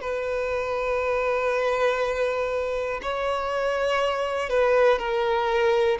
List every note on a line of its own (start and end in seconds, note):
0.00 3.00 B4
3.02 4.49 C#5
4.49 4.98 B4
4.98 5.98 A#4